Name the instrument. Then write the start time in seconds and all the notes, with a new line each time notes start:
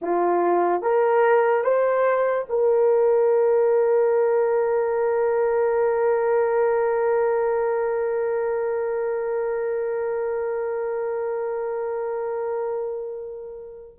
horn
0.01 F4
0.82 A#4
1.64 C5
2.49 A#4